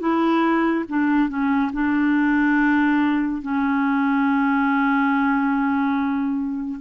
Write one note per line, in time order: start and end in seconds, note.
0.00 0.85 E4
0.89 1.29 D4
1.29 1.71 C#4
1.73 3.42 D4
3.42 6.80 C#4